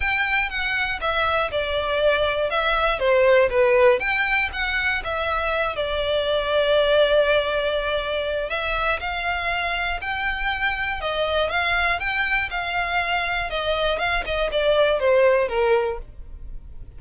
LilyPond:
\new Staff \with { instrumentName = "violin" } { \time 4/4 \tempo 4 = 120 g''4 fis''4 e''4 d''4~ | d''4 e''4 c''4 b'4 | g''4 fis''4 e''4. d''8~ | d''1~ |
d''4 e''4 f''2 | g''2 dis''4 f''4 | g''4 f''2 dis''4 | f''8 dis''8 d''4 c''4 ais'4 | }